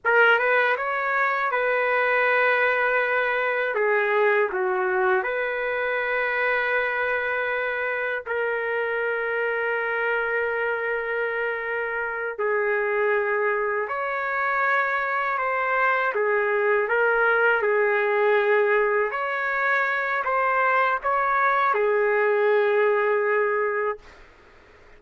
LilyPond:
\new Staff \with { instrumentName = "trumpet" } { \time 4/4 \tempo 4 = 80 ais'8 b'8 cis''4 b'2~ | b'4 gis'4 fis'4 b'4~ | b'2. ais'4~ | ais'1~ |
ais'8 gis'2 cis''4.~ | cis''8 c''4 gis'4 ais'4 gis'8~ | gis'4. cis''4. c''4 | cis''4 gis'2. | }